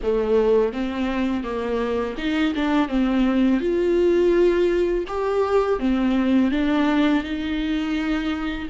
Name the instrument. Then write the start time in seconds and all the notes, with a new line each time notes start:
viola
0.03 A3
0.72 C4
1.43 A#3
2.17 D#4
2.55 D4
2.88 C4
3.60 F4
5.07 G4
5.79 C4
6.51 D4
7.23 D#4